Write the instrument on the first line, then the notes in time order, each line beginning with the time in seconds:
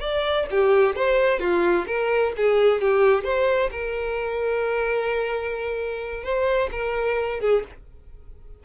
violin
0.00 D5
0.51 G4
0.95 C5
1.40 F4
1.87 A#4
2.37 G#4
2.81 G4
3.24 C5
3.71 A#4
6.23 C5
6.72 A#4
7.40 G#4